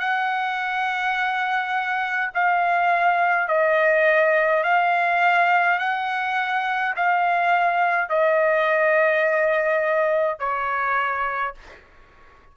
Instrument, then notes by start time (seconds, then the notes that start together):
trumpet
0.00 F#5
2.34 F5
3.48 D#5
4.64 F5
5.79 F#5
6.97 F5
8.10 D#5
10.40 C#5